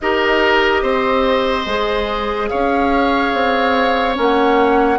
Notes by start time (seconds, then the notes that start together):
0.00 D#4 G4 A#4 D#5
0.82 C4 C5
1.65 G#3 G#4
2.48 C#4 C#5 F5
3.33 C4
4.14 A#3 C#4
4.20 F#5